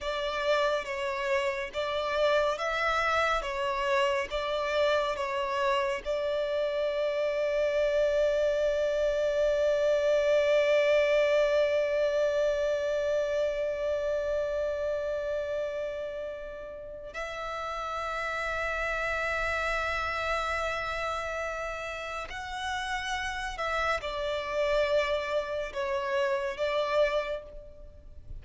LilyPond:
\new Staff \with { instrumentName = "violin" } { \time 4/4 \tempo 4 = 70 d''4 cis''4 d''4 e''4 | cis''4 d''4 cis''4 d''4~ | d''1~ | d''1~ |
d''1 | e''1~ | e''2 fis''4. e''8 | d''2 cis''4 d''4 | }